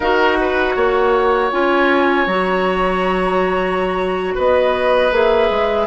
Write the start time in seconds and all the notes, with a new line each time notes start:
0.00 D#4 F#4 A#4 F#5
0.41 B4
0.76 A#3 C#5
1.51 C#4 F4 G#5
2.26 F#3 F#4 A#5
4.34 B3 B4 D#5
5.11 A#3 G#4 E5
5.50 G#3